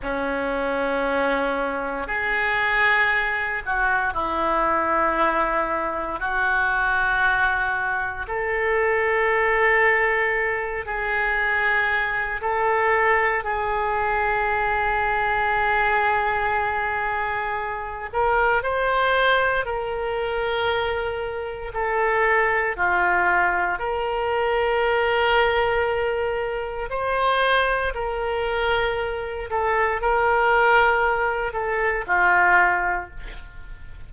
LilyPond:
\new Staff \with { instrumentName = "oboe" } { \time 4/4 \tempo 4 = 58 cis'2 gis'4. fis'8 | e'2 fis'2 | a'2~ a'8 gis'4. | a'4 gis'2.~ |
gis'4. ais'8 c''4 ais'4~ | ais'4 a'4 f'4 ais'4~ | ais'2 c''4 ais'4~ | ais'8 a'8 ais'4. a'8 f'4 | }